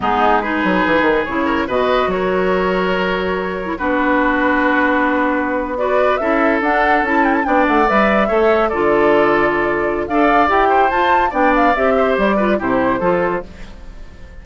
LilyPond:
<<
  \new Staff \with { instrumentName = "flute" } { \time 4/4 \tempo 4 = 143 gis'4 b'2 cis''4 | dis''4 cis''2.~ | cis''4 b'2.~ | b'4.~ b'16 d''4 e''4 fis''16~ |
fis''8. a''8 g''16 a''16 g''8 fis''8 e''4~ e''16~ | e''8. d''2.~ d''16 | f''4 g''4 a''4 g''8 f''8 | e''4 d''4 c''2 | }
  \new Staff \with { instrumentName = "oboe" } { \time 4/4 dis'4 gis'2~ gis'8 ais'8 | b'4 ais'2.~ | ais'4 fis'2.~ | fis'4.~ fis'16 b'4 a'4~ a'16~ |
a'4.~ a'16 d''2 cis''16~ | cis''8. a'2.~ a'16 | d''4. c''4. d''4~ | d''8 c''4 b'8 g'4 a'4 | }
  \new Staff \with { instrumentName = "clarinet" } { \time 4/4 b4 dis'2 e'4 | fis'1~ | fis'8. e'16 d'2.~ | d'4.~ d'16 fis'4 e'4 d'16~ |
d'8. e'4 d'4 b'4 a'16~ | a'8. f'2.~ f'16 | a'4 g'4 f'4 d'4 | g'4. f'8 e'4 f'4 | }
  \new Staff \with { instrumentName = "bassoon" } { \time 4/4 gis4. fis8 e8 dis8 cis4 | b,4 fis2.~ | fis4 b2.~ | b2~ b8. cis'4 d'16~ |
d'8. cis'4 b8 a8 g4 a16~ | a8. d2.~ d16 | d'4 e'4 f'4 b4 | c'4 g4 c4 f4 | }
>>